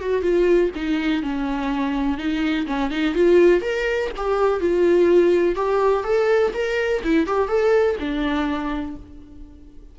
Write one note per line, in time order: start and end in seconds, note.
0.00 0.22 F#4
0.22 0.70 F4
0.75 1.22 D#4
1.22 2.17 C#4
2.17 2.66 D#4
2.66 2.90 C#4
2.90 3.14 D#4
3.14 3.61 F4
3.61 4.10 A#4
4.16 4.60 G4
4.60 5.55 F4
5.55 6.04 G4
6.04 6.52 A4
6.53 7.02 A#4
7.03 7.26 E4
7.26 7.48 G4
7.48 7.96 A4
7.99 8.96 D4